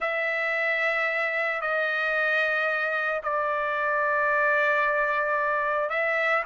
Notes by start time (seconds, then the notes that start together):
0.00 E5
1.61 D#5
3.23 D5
5.89 E5